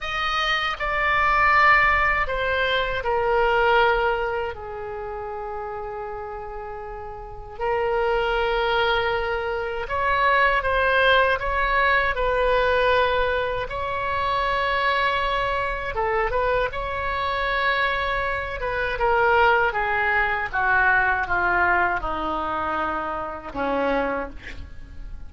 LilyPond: \new Staff \with { instrumentName = "oboe" } { \time 4/4 \tempo 4 = 79 dis''4 d''2 c''4 | ais'2 gis'2~ | gis'2 ais'2~ | ais'4 cis''4 c''4 cis''4 |
b'2 cis''2~ | cis''4 a'8 b'8 cis''2~ | cis''8 b'8 ais'4 gis'4 fis'4 | f'4 dis'2 cis'4 | }